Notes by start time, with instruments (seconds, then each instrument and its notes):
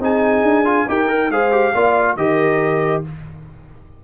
0.00 tuba C4, trombone D#4, horn G#4, trumpet G#5
0.43 tuba D4
0.65 trombone F4
0.88 tuba D#4, trombone G4, horn A#4, trumpet G5
1.08 trombone A#4
1.30 tuba G#3, trombone G#4, horn C5, trumpet F5
1.52 trombone G4
1.74 tuba A#3, trombone F4, horn D5
2.17 tuba D#3, trombone G4, horn A#4, trumpet D#5